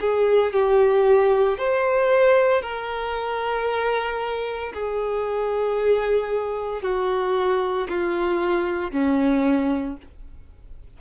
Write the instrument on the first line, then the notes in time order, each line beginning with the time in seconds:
violin
0.00 G#4
0.53 G4
1.57 C5
2.62 A#4
4.73 G#4
6.82 F#4
7.89 F4
8.91 C#4